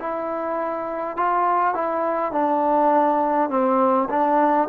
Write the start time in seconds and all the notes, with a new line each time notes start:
0.00 E4
1.17 F4
1.74 E4
2.32 D4
3.50 C4
4.10 D4